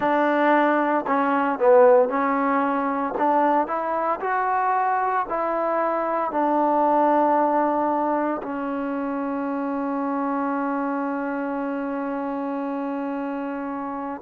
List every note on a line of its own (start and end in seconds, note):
0.00 1.05 D4
1.07 1.58 C#4
1.58 2.08 B3
2.08 3.13 C#4
3.18 3.67 D4
3.67 4.19 E4
4.20 5.25 F#4
5.29 6.31 E4
6.31 8.41 D4
8.42 14.21 C#4